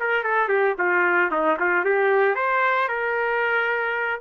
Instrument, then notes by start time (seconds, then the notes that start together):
trumpet
0.00 A#4
0.24 A4
0.49 G4
0.78 F4
1.31 D#4
1.60 F4
1.85 G4
2.35 C5
2.88 A#4